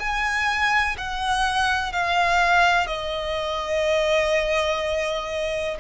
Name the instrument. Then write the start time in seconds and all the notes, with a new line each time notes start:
violin
0.00 G#5
0.98 F#5
1.93 F5
2.87 D#5